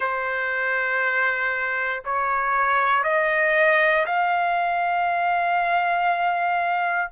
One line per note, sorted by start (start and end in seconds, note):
0.00 2.02 C5
2.04 3.03 C#5
3.03 4.05 D#5
4.06 7.11 F5